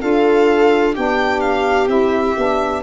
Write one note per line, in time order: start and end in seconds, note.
0.00 0.96 D4
0.00 0.94 F4
0.00 0.94 A4
0.00 0.95 F5
0.94 1.88 B3
0.94 1.88 D4
0.94 2.81 G4
0.94 1.40 G5
1.40 1.87 F5
1.88 2.34 C4
1.88 2.35 E4
1.88 2.83 E5
2.37 2.83 B3
2.37 2.83 D4